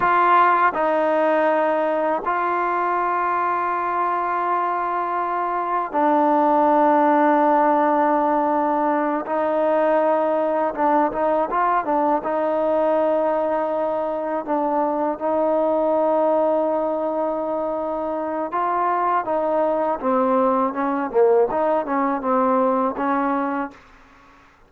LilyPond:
\new Staff \with { instrumentName = "trombone" } { \time 4/4 \tempo 4 = 81 f'4 dis'2 f'4~ | f'1 | d'1~ | d'8 dis'2 d'8 dis'8 f'8 |
d'8 dis'2. d'8~ | d'8 dis'2.~ dis'8~ | dis'4 f'4 dis'4 c'4 | cis'8 ais8 dis'8 cis'8 c'4 cis'4 | }